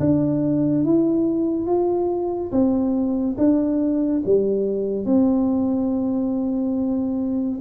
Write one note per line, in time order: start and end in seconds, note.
0.00 0.85 D4
0.85 1.66 E4
1.66 2.51 F4
2.52 3.36 C4
3.38 4.22 D4
4.25 5.05 G3
5.05 7.59 C4